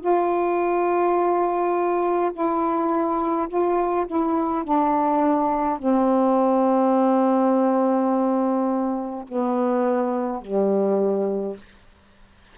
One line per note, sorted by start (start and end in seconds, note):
0.00 2.31 F4
2.32 3.48 E4
3.48 4.06 F4
4.06 4.64 E4
4.64 5.78 D4
5.78 9.25 C4
9.28 10.41 B3
10.41 11.56 G3